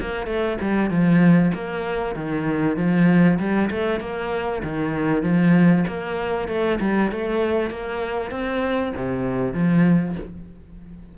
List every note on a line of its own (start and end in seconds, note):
0.00 0.26 A#3
0.26 0.57 A3
0.61 0.90 G3
0.90 1.52 F3
1.54 2.15 A#3
2.15 2.76 D#3
2.76 3.38 F3
3.39 3.70 G3
3.71 4.00 A3
4.00 4.62 A#3
4.63 5.23 D#3
5.23 5.85 F3
5.87 6.48 A#3
6.48 6.79 A3
6.80 7.11 G3
7.11 7.70 A3
7.70 8.31 A#3
8.31 8.93 C4
8.96 9.53 C3
9.53 10.15 F3